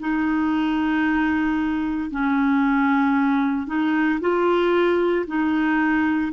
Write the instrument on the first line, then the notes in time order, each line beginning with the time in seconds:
clarinet
0.00 D#4
2.11 C#4
3.67 D#4
4.21 F4
5.27 D#4